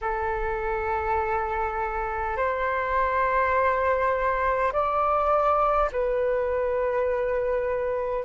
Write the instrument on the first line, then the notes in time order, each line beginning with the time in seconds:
flute
0.01 A4
2.36 C5
4.72 D5
5.91 B4